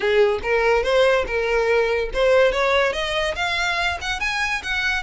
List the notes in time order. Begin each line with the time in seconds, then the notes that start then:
0.00 G#4
0.42 A#4
0.83 C5
1.26 A#4
2.13 C5
2.52 C#5
2.93 D#5
3.35 F5
4.01 F#5
4.20 G#5
4.63 F#5